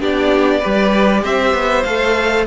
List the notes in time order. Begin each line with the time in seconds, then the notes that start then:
0.00 B3 D4 G4 D5
0.60 G3 G4 B4
1.23 C4 C5 E5
1.54 B3
1.83 A3 A4 F5